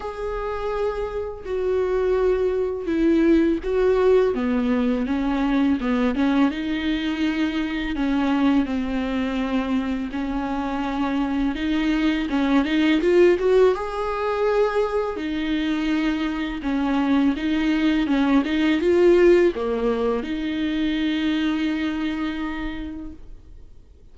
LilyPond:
\new Staff \with { instrumentName = "viola" } { \time 4/4 \tempo 4 = 83 gis'2 fis'2 | e'4 fis'4 b4 cis'4 | b8 cis'8 dis'2 cis'4 | c'2 cis'2 |
dis'4 cis'8 dis'8 f'8 fis'8 gis'4~ | gis'4 dis'2 cis'4 | dis'4 cis'8 dis'8 f'4 ais4 | dis'1 | }